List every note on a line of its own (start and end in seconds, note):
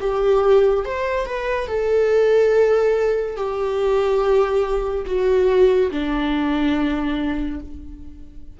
0.00 0.85 G4
0.85 1.26 C5
1.26 1.67 B4
1.67 3.36 A4
3.36 5.05 G4
5.06 5.90 F#4
5.91 7.60 D4